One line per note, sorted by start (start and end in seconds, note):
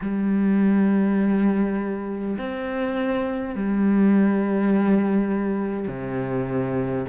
0.01 2.36 G3
2.37 3.55 C4
3.55 5.87 G3
5.87 7.05 C3